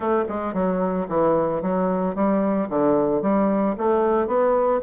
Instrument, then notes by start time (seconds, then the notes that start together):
bassoon
0.00 A3
0.28 G#3
0.53 F#3
1.08 E3
1.61 F#3
2.15 G3
2.69 D3
3.22 G3
3.77 A3
4.27 B3